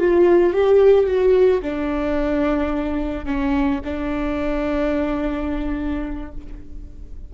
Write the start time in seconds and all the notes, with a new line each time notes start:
0.00 F4
0.54 G4
1.07 F#4
1.62 D4
3.26 C#4
3.85 D4